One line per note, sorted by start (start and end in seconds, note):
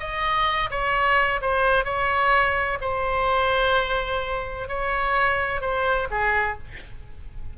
0.00 0.70 D#5
0.71 1.41 C#5
1.42 1.85 C5
1.85 2.79 C#5
2.82 4.69 C5
4.69 5.61 C#5
5.61 6.08 C5
6.11 6.58 G#4